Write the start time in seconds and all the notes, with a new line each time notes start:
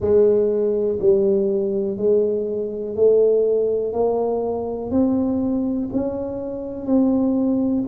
0.00 G#3
1.00 G3
1.97 G#3
2.95 A3
3.92 A#3
4.90 C4
5.92 C#4
6.86 C4